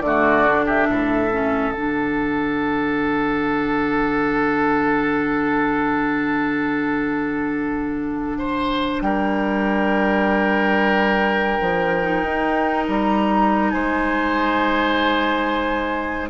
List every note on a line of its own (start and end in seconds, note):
0.00 0.86 D3
0.00 0.46 A3
0.00 0.64 D5
0.06 0.65 F#4
0.47 1.31 D4
0.65 0.86 G4
0.65 1.72 E5
0.89 1.72 A2
0.89 8.38 A4
1.31 1.73 C#4
1.72 9.01 D3
1.72 12.02 D4
1.72 9.00 F#5
8.38 9.02 C5
9.01 11.58 G3
9.01 13.72 A#4
9.01 12.86 G5
11.61 12.23 F3
12.02 16.29 D#4
12.23 12.87 D#4
12.87 13.73 G3
12.87 13.70 A#5
13.70 16.29 G#3
13.70 16.29 C5
13.70 16.27 G#5